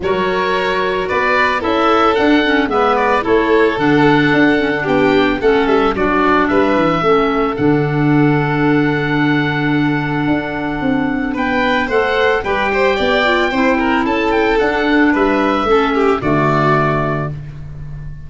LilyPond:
<<
  \new Staff \with { instrumentName = "oboe" } { \time 4/4 \tempo 4 = 111 cis''2 d''4 e''4 | fis''4 e''8 d''8 cis''4 fis''4~ | fis''4 g''4 fis''8 e''8 d''4 | e''2 fis''2~ |
fis''1~ | fis''4 g''4 fis''4 g''4~ | g''2 a''8 g''8 fis''4 | e''2 d''2 | }
  \new Staff \with { instrumentName = "violin" } { \time 4/4 ais'2 b'4 a'4~ | a'4 b'4 a'2~ | a'4 g'4 a'4 fis'4 | b'4 a'2.~ |
a'1~ | a'4 b'4 c''4 b'8 c''8 | d''4 c''8 ais'8 a'2 | b'4 a'8 g'8 fis'2 | }
  \new Staff \with { instrumentName = "clarinet" } { \time 4/4 fis'2. e'4 | d'8 cis'8 b4 e'4 d'4~ | d'8 cis'16 d'4~ d'16 cis'4 d'4~ | d'4 cis'4 d'2~ |
d'1~ | d'2 a'4 g'4~ | g'8 f'8 e'2 d'4~ | d'4 cis'4 a2 | }
  \new Staff \with { instrumentName = "tuba" } { \time 4/4 fis2 b4 cis'4 | d'4 gis4 a4 d4 | d'4 b4 a8 g8 fis4 | g8 e8 a4 d2~ |
d2. d'4 | c'4 b4 a4 g4 | b4 c'4 cis'4 d'4 | g4 a4 d2 | }
>>